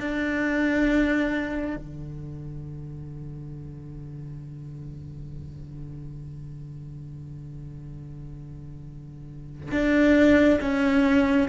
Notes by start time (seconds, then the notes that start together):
0.00 D4
1.76 D3
9.71 D4
10.61 C#4